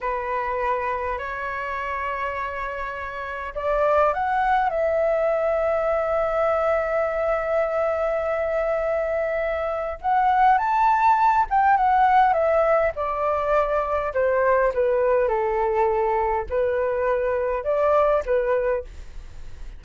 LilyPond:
\new Staff \with { instrumentName = "flute" } { \time 4/4 \tempo 4 = 102 b'2 cis''2~ | cis''2 d''4 fis''4 | e''1~ | e''1~ |
e''4 fis''4 a''4. g''8 | fis''4 e''4 d''2 | c''4 b'4 a'2 | b'2 d''4 b'4 | }